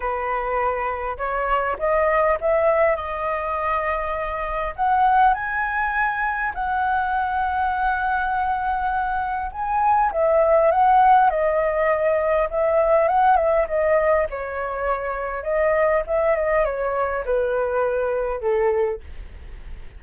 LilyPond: \new Staff \with { instrumentName = "flute" } { \time 4/4 \tempo 4 = 101 b'2 cis''4 dis''4 | e''4 dis''2. | fis''4 gis''2 fis''4~ | fis''1 |
gis''4 e''4 fis''4 dis''4~ | dis''4 e''4 fis''8 e''8 dis''4 | cis''2 dis''4 e''8 dis''8 | cis''4 b'2 a'4 | }